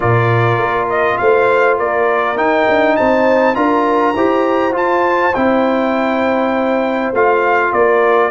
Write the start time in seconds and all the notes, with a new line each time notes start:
0.00 A#2 F4 A#4 D5
0.57 A#3
0.89 D#5
1.17 A3 C5 F5
1.77 A#3 A#4 D5
2.36 D#4 G5
2.68 D4
2.96 C4 C5 A5
3.54 D4 F4 A#4 A#5
4.14 E4 G4 C5
4.72 F4 A5
5.34 C4 E4 G5
7.12 A3 F4 F5
7.71 A#3 A#4 D5